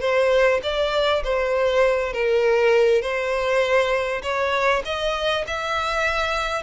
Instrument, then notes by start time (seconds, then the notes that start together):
violin
0.00 C5
0.62 D5
1.23 C5
2.12 A#4
3.01 C5
4.22 C#5
4.85 D#5
5.47 E5